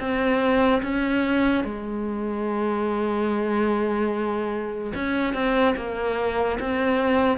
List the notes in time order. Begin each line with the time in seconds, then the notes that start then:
0.00 C4
0.83 C#4
1.65 G#3
4.95 C#4
5.34 C4
5.77 A#3
6.60 C4